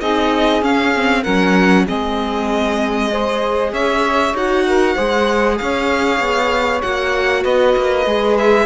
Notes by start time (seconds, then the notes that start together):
0.00 C4 D#4 G#4 D#5
0.62 C#4 F5
0.96 C4
1.22 F#3 C#4 A#4 F#5
1.85 G#3 C4 G#4 D#5
3.12 G#4 C5
3.72 C#4 C#5 E5
4.34 D#4 F#4 F#5
4.67 A#4
4.95 G#3 G#4 C5
5.58 C#4 C#5 F5
6.20 B3
6.82 A#3 F#4 F#5
7.43 B3 B4 D#5
7.77 A#3
8.06 G#3 G#4
8.38 E5